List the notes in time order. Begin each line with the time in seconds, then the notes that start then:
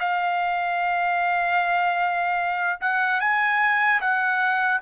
0.00 F5
2.81 F#5
3.21 G#5
4.01 F#5